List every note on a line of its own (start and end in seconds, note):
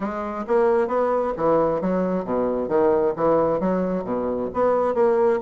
0.00 0.45 G#3
0.47 0.87 A#3
0.87 1.32 B3
1.36 1.81 E3
1.81 2.24 F#3
2.24 2.68 B2
2.68 3.13 D#3
3.16 3.60 E3
3.60 4.04 F#3
4.04 4.49 B2
4.53 4.94 B3
4.94 5.39 A#3